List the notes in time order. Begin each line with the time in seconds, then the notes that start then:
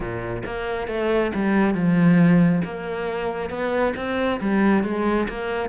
0.00 A#2
0.45 A#3
0.87 A3
1.34 G3
1.74 F3
2.64 A#3
3.50 B3
3.96 C4
4.40 G3
4.83 G#3
5.29 A#3